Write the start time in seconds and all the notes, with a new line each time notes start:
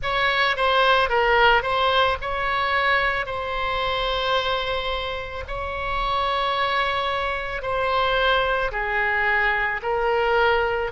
0.02 C#5
0.56 C5
1.09 A#4
1.62 C5
2.21 C#5
3.25 C5
5.47 C#5
7.62 C5
8.71 G#4
9.82 A#4